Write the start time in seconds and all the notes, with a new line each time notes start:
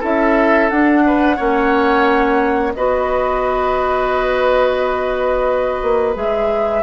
0.00 C#4 E4 A4 E5
0.69 D4 F#5
1.07 B4
1.37 A#3 C#4 C#5
2.75 B3 F#4 B4 D#5
5.82 A#3
6.14 G#3 G#4 E5